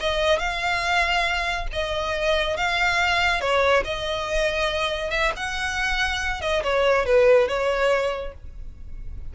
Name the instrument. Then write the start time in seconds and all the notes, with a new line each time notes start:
violin
0.00 D#5
0.39 F5
1.72 D#5
2.57 F5
3.41 C#5
3.84 D#5
5.10 E5
5.36 F#5
6.41 D#5
6.63 C#5
7.06 B4
7.48 C#5